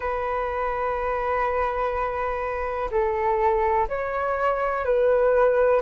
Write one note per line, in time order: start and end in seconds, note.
0.00 2.89 B4
2.91 3.88 A4
3.88 4.84 C#5
4.84 5.81 B4